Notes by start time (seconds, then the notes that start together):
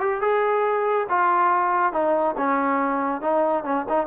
0.00 G4
0.21 G#4
1.09 F4
1.93 D#4
2.37 C#4
3.21 D#4
3.64 C#4
3.89 D#4